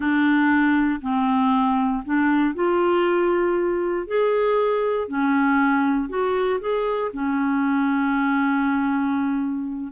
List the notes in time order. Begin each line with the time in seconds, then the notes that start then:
0.00 D4
1.01 C4
2.05 D4
2.54 F4
4.07 G#4
5.08 C#4
6.09 F#4
6.60 G#4
7.13 C#4